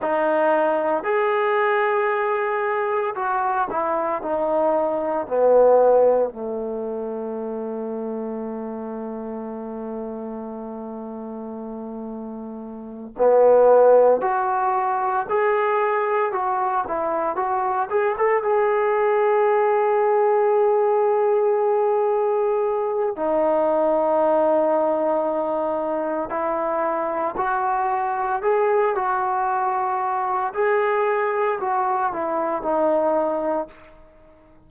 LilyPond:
\new Staff \with { instrumentName = "trombone" } { \time 4/4 \tempo 4 = 57 dis'4 gis'2 fis'8 e'8 | dis'4 b4 a2~ | a1~ | a8 b4 fis'4 gis'4 fis'8 |
e'8 fis'8 gis'16 a'16 gis'2~ gis'8~ | gis'2 dis'2~ | dis'4 e'4 fis'4 gis'8 fis'8~ | fis'4 gis'4 fis'8 e'8 dis'4 | }